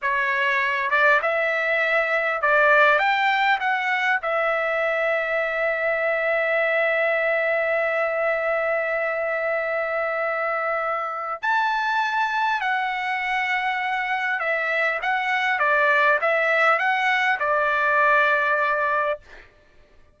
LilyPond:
\new Staff \with { instrumentName = "trumpet" } { \time 4/4 \tempo 4 = 100 cis''4. d''8 e''2 | d''4 g''4 fis''4 e''4~ | e''1~ | e''1~ |
e''2. a''4~ | a''4 fis''2. | e''4 fis''4 d''4 e''4 | fis''4 d''2. | }